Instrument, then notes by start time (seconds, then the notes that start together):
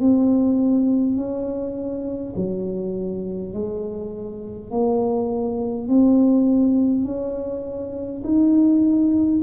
tuba
0.00 C4
1.17 C#4
2.36 F#3
3.53 G#3
4.71 A#3
5.88 C4
7.05 C#4
8.24 D#4